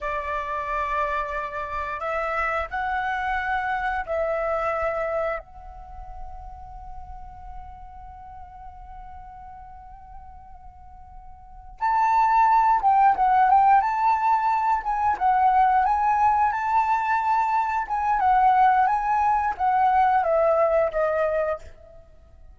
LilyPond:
\new Staff \with { instrumentName = "flute" } { \time 4/4 \tempo 4 = 89 d''2. e''4 | fis''2 e''2 | fis''1~ | fis''1~ |
fis''4. a''4. g''8 fis''8 | g''8 a''4. gis''8 fis''4 gis''8~ | gis''8 a''2 gis''8 fis''4 | gis''4 fis''4 e''4 dis''4 | }